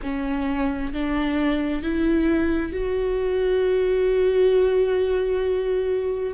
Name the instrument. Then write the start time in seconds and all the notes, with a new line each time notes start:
viola
0.02 C#4
0.93 D4
1.82 E4
2.72 F#4